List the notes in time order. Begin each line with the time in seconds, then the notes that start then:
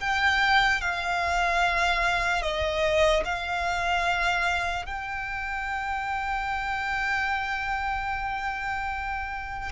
0.00 G5
0.81 F5
2.42 D#5
3.25 F5
4.86 G5